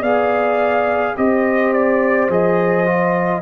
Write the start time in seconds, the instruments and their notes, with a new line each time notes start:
0.00 tuba B3, trombone G#4, horn D5, trumpet F5
1.17 tuba C4, trombone G4, horn C5, trumpet D#5
1.74 trumpet D5
2.29 tuba F3, trombone G#4, trumpet D#5
2.86 trombone F4